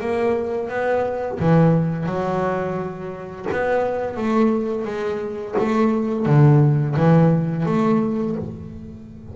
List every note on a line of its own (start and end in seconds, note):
0.00 0.68 A#3
0.68 1.38 B3
1.39 2.06 E3
2.06 3.46 F#3
3.51 4.16 B3
4.16 4.85 A3
4.85 5.55 G#3
5.58 6.25 A3
6.25 6.95 D3
6.96 7.66 E3
7.66 8.35 A3